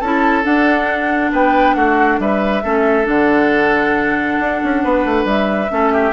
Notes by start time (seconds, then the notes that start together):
0.00 C#4 E4 A4 A5
0.44 D4 F#5
1.32 B3 B4 G5
1.75 A3 F#4 F#5
2.19 G3 B4 E5
2.63 A3 C#4 A4
3.04 D3 D4 F#5
4.40 D4
4.64 C#4
4.84 B3 B4
5.05 A3
5.25 G3 E5
5.70 A3 C#4 A4
5.93 G4